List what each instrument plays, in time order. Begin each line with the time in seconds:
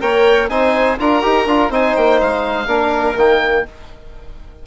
0.00 bassoon A#3, trombone A#4, violin C#5, oboe G5
0.49 bassoon C4, trombone D#4, violin C5, oboe G#5
0.98 bassoon D4, trombone F4, violin A#4, oboe A#5
1.22 bassoon D#4, trombone G4
1.46 bassoon D4, trombone F4
1.69 bassoon C4, trombone D#4, violin C5, oboe G#5
1.96 bassoon A#3, oboe G5
2.20 bassoon G#3, oboe F5
2.66 bassoon A#3, trombone D4, violin A#4
3.16 bassoon D#3, trombone A#3, oboe G5